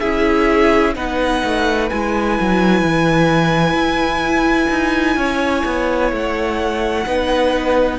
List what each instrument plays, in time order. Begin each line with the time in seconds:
0.00 cello C#4, viola E4, violin G#4 E5
0.96 cello B3, viola D#4, violin B4 F#5
1.44 cello A3
1.90 cello G#3, viola E4, violin G#5
2.41 cello F#3
2.82 cello E3
3.74 cello E4
4.71 cello D#4
5.17 cello C#4, violin C#5
5.66 cello B3
6.12 cello A3, violin F#5
7.06 cello B3, viola D#4, violin B4